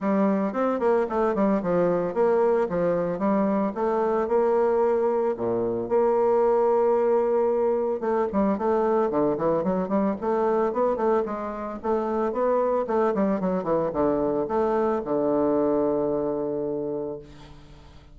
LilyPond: \new Staff \with { instrumentName = "bassoon" } { \time 4/4 \tempo 4 = 112 g4 c'8 ais8 a8 g8 f4 | ais4 f4 g4 a4 | ais2 ais,4 ais4~ | ais2. a8 g8 |
a4 d8 e8 fis8 g8 a4 | b8 a8 gis4 a4 b4 | a8 g8 fis8 e8 d4 a4 | d1 | }